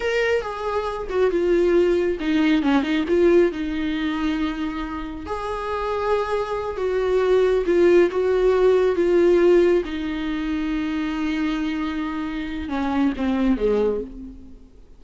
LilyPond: \new Staff \with { instrumentName = "viola" } { \time 4/4 \tempo 4 = 137 ais'4 gis'4. fis'8 f'4~ | f'4 dis'4 cis'8 dis'8 f'4 | dis'1 | gis'2.~ gis'8 fis'8~ |
fis'4. f'4 fis'4.~ | fis'8 f'2 dis'4.~ | dis'1~ | dis'4 cis'4 c'4 gis4 | }